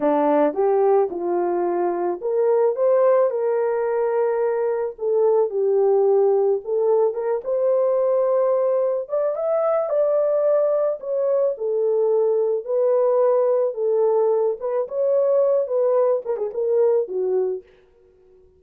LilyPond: \new Staff \with { instrumentName = "horn" } { \time 4/4 \tempo 4 = 109 d'4 g'4 f'2 | ais'4 c''4 ais'2~ | ais'4 a'4 g'2 | a'4 ais'8 c''2~ c''8~ |
c''8 d''8 e''4 d''2 | cis''4 a'2 b'4~ | b'4 a'4. b'8 cis''4~ | cis''8 b'4 ais'16 gis'16 ais'4 fis'4 | }